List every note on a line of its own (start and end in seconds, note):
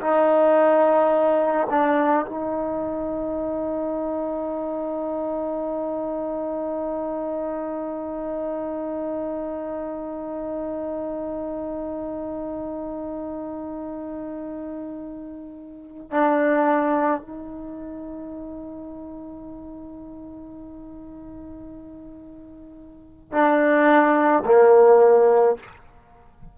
0.00 1.67 D#4
1.70 2.25 D4
2.26 16.11 D#4
16.11 17.21 D4
17.21 23.32 D#4
23.32 24.43 D4
24.45 25.56 A#3